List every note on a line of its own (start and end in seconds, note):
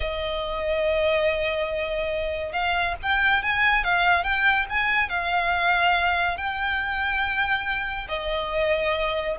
0.00 2.52 D#5
2.52 2.95 F5
3.02 3.42 G5
3.42 3.83 G#5
3.83 4.23 F5
4.23 4.66 G5
4.69 5.09 G#5
5.09 6.37 F5
6.37 8.07 G5
8.08 9.36 D#5